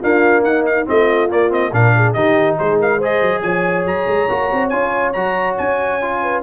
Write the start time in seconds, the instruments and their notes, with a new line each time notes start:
0.00 trombone A#3, tuba D4, horn F4, trumpet F5
0.43 horn D#4, tuba D#4, trumpet F#5
0.66 trumpet F5
0.86 tuba A3, trombone C4, horn F4, trumpet D#5
1.29 trombone A#3, tuba A#3, trumpet D5
1.50 trombone C4, trumpet D#5
1.73 tuba A#2, trombone D4, horn A#4, trumpet F5
1.96 horn G#4
2.14 tuba D#3, trombone D#4, horn G4, trumpet D#5
2.59 tuba G#3, horn G#4, trumpet C5
2.80 horn A#4, trumpet F5
2.98 trombone G#4, horn C5
3.04 trumpet D#5
3.22 tuba F#3
3.42 tuba F3, horn C#5, trumpet G#5
3.86 tuba F#3, trumpet A#5
4.07 tuba G#3
4.29 tuba A#3, trombone F#4
4.53 tuba C4
4.70 tuba C#4, trombone F4, trumpet G#5
5.13 tuba F#3, trombone F#4, trumpet A#5
5.58 tuba C#4, trumpet G#5
6.02 trombone F4
6.23 horn B4